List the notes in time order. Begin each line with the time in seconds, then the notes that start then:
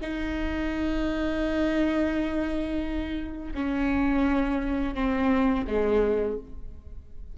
0.00 D#4
3.54 C#4
4.94 C4
5.67 G#3